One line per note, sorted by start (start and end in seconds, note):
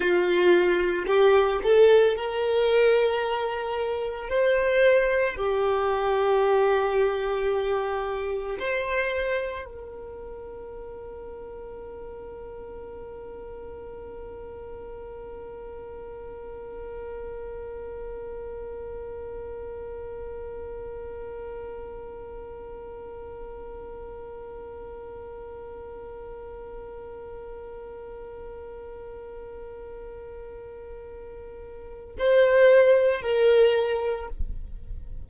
0.00 1.05 F4
1.07 1.60 G4
1.63 2.15 A4
2.15 4.29 A#4
4.29 5.36 C5
5.36 8.57 G4
8.59 9.65 C5
9.65 32.15 A#4
32.18 33.21 C5
33.21 34.29 A#4